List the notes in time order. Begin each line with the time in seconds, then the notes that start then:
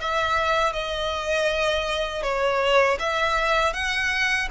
0.00 E5
0.73 D#5
2.23 C#5
2.99 E5
3.73 F#5